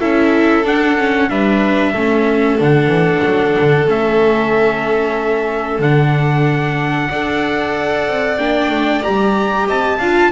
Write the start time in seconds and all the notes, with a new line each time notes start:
0.00 C#4 E4 A4 E5
0.64 D4 F#5
0.98 C#4
1.29 G3 D4 B4 E5
1.93 A3 C#4 A4
2.59 D3 D4 F#5
2.87 E3
3.25 F#3
3.60 D3
3.87 A3 C#4 E5
5.80 D3 D4 F#5
7.10 D4 A4 D5
8.08 C4
8.38 A#3 D4 G5
8.70 A3
9.03 G3 G4 A#5
9.67 C4 D#5 A5
9.99 D4 F4 F5